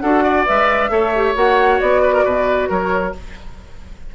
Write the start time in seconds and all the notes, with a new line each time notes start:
0.00 D4 F#4 A4 F#5
0.23 D5
0.46 G#3 B4 E5
0.90 A3 A4 C#5
1.15 G4
1.35 A#3 F#4 F#5
1.80 B3 D5
2.02 B4
2.13 A#4
2.25 B2 B4
2.69 F#3 A#4 C#5